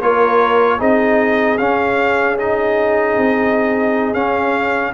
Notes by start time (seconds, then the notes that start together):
0.00 A#3 F4 A#4 C#5
0.79 C4 D#4 G#4 D#5
1.58 C#4 F5
2.38 D#4 D#5
3.17 C4
4.13 C#4 F5